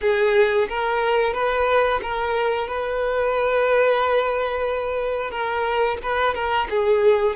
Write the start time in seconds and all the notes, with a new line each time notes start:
0.01 G#4
0.68 A#4
1.33 B4
2.02 A#4
2.67 B4
5.30 A#4
6.02 B4
6.34 A#4
6.69 G#4